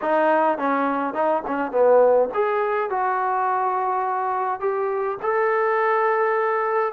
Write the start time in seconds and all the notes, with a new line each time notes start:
0.01 D#4
0.57 C#4
1.14 D#4
1.47 C#4
1.71 B3
2.34 G#4
2.90 F#4
4.60 G4
5.22 A4